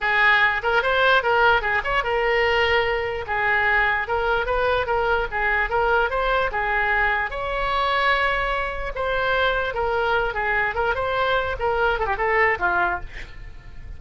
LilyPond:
\new Staff \with { instrumentName = "oboe" } { \time 4/4 \tempo 4 = 148 gis'4. ais'8 c''4 ais'4 | gis'8 cis''8 ais'2. | gis'2 ais'4 b'4 | ais'4 gis'4 ais'4 c''4 |
gis'2 cis''2~ | cis''2 c''2 | ais'4. gis'4 ais'8 c''4~ | c''8 ais'4 a'16 g'16 a'4 f'4 | }